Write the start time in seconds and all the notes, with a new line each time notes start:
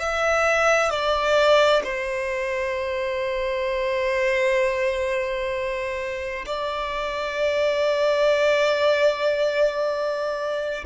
0.00 E5
0.91 D5
1.84 C5
6.46 D5